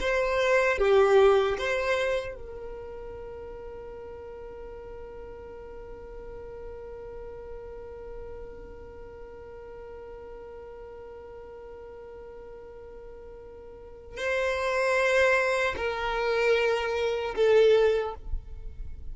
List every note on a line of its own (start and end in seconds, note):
0.00 0.78 C5
0.78 1.57 G4
1.58 2.35 C5
2.35 14.17 A#4
14.17 15.75 C5
15.77 17.35 A#4
17.35 18.14 A4